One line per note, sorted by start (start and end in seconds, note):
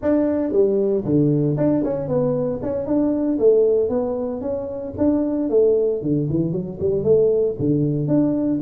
0.02 0.52 D4
0.52 1.04 G3
1.04 1.57 D3
1.57 1.83 D4
1.84 2.08 C#4
2.08 2.60 B3
2.62 2.86 C#4
2.86 3.38 D4
3.38 3.89 A3
3.89 4.41 B3
4.41 4.93 C#4
4.97 5.49 D4
5.49 6.01 A3
6.01 6.28 D3
6.30 6.52 E3
6.52 6.78 F#3
6.79 7.03 G3
7.03 7.55 A3
7.59 8.07 D3
8.07 8.59 D4